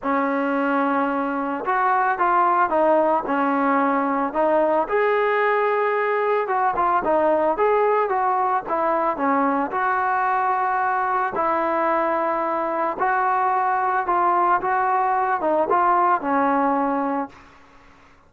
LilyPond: \new Staff \with { instrumentName = "trombone" } { \time 4/4 \tempo 4 = 111 cis'2. fis'4 | f'4 dis'4 cis'2 | dis'4 gis'2. | fis'8 f'8 dis'4 gis'4 fis'4 |
e'4 cis'4 fis'2~ | fis'4 e'2. | fis'2 f'4 fis'4~ | fis'8 dis'8 f'4 cis'2 | }